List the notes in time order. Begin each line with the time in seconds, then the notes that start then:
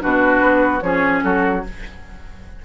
0.00 B2 D4 F#4 B4
0.41 B3
0.80 F3 C#4 G#4 C#5
1.23 F#3 F#4 A4